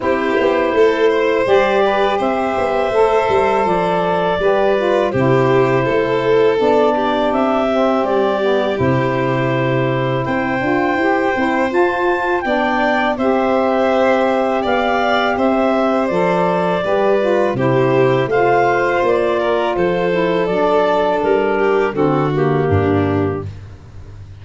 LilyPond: <<
  \new Staff \with { instrumentName = "clarinet" } { \time 4/4 \tempo 4 = 82 c''2 d''4 e''4~ | e''4 d''2 c''4~ | c''4 d''4 e''4 d''4 | c''2 g''2 |
a''4 g''4 e''2 | f''4 e''4 d''2 | c''4 f''4 d''4 c''4 | d''4 ais'4 a'8 g'4. | }
  \new Staff \with { instrumentName = "violin" } { \time 4/4 g'4 a'8 c''4 b'8 c''4~ | c''2 b'4 g'4 | a'4. g'2~ g'8~ | g'2 c''2~ |
c''4 d''4 c''2 | d''4 c''2 b'4 | g'4 c''4. ais'8 a'4~ | a'4. g'8 fis'4 d'4 | }
  \new Staff \with { instrumentName = "saxophone" } { \time 4/4 e'2 g'2 | a'2 g'8 f'8 e'4~ | e'4 d'4. c'4 b8 | e'2~ e'8 f'8 g'8 e'8 |
f'4 d'4 g'2~ | g'2 a'4 g'8 f'8 | e'4 f'2~ f'8 e'8 | d'2 c'8 ais4. | }
  \new Staff \with { instrumentName = "tuba" } { \time 4/4 c'8 b8 a4 g4 c'8 b8 | a8 g8 f4 g4 c4 | a4 b4 c'4 g4 | c2 c'8 d'8 e'8 c'8 |
f'4 b4 c'2 | b4 c'4 f4 g4 | c4 a4 ais4 f4 | fis4 g4 d4 g,4 | }
>>